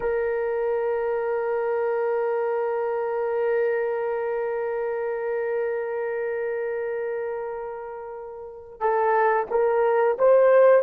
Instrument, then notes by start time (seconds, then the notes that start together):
horn
0.00 A#4
8.80 A4
9.50 A#4
10.18 C5